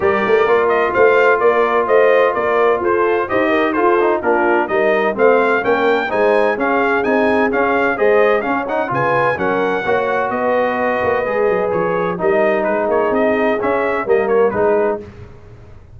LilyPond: <<
  \new Staff \with { instrumentName = "trumpet" } { \time 4/4 \tempo 4 = 128 d''4. dis''8 f''4 d''4 | dis''4 d''4 c''4 dis''4 | c''4 ais'4 dis''4 f''4 | g''4 gis''4 f''4 gis''4 |
f''4 dis''4 f''8 fis''8 gis''4 | fis''2 dis''2~ | dis''4 cis''4 dis''4 b'8 cis''8 | dis''4 e''4 dis''8 cis''8 b'4 | }
  \new Staff \with { instrumentName = "horn" } { \time 4/4 ais'2 c''4 ais'4 | c''4 ais'4 a'4 c''8 ais'8 | a'4 f'4 ais'4 c''4 | ais'4 c''4 gis'2~ |
gis'4 c''4 cis''4 b'4 | ais'4 cis''4 b'2~ | b'2 ais'4 gis'4~ | gis'2 ais'4 gis'4 | }
  \new Staff \with { instrumentName = "trombone" } { \time 4/4 g'4 f'2.~ | f'2. g'4 | f'8 dis'8 d'4 dis'4 c'4 | cis'4 dis'4 cis'4 dis'4 |
cis'4 gis'4 cis'8 dis'8 f'4 | cis'4 fis'2. | gis'2 dis'2~ | dis'4 cis'4 ais4 dis'4 | }
  \new Staff \with { instrumentName = "tuba" } { \time 4/4 g8 a8 ais4 a4 ais4 | a4 ais4 f'4 dis'4 | f'4 ais4 g4 a4 | ais4 gis4 cis'4 c'4 |
cis'4 gis4 cis'4 cis4 | fis4 ais4 b4. ais8 | gis8 fis8 f4 g4 gis8 ais8 | c'4 cis'4 g4 gis4 | }
>>